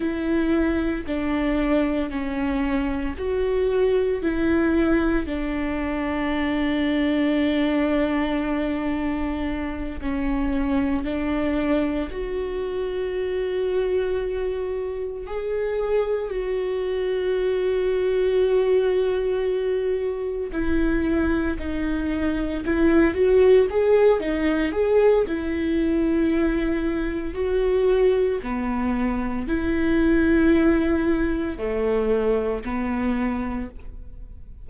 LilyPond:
\new Staff \with { instrumentName = "viola" } { \time 4/4 \tempo 4 = 57 e'4 d'4 cis'4 fis'4 | e'4 d'2.~ | d'4. cis'4 d'4 fis'8~ | fis'2~ fis'8 gis'4 fis'8~ |
fis'2.~ fis'8 e'8~ | e'8 dis'4 e'8 fis'8 gis'8 dis'8 gis'8 | e'2 fis'4 b4 | e'2 a4 b4 | }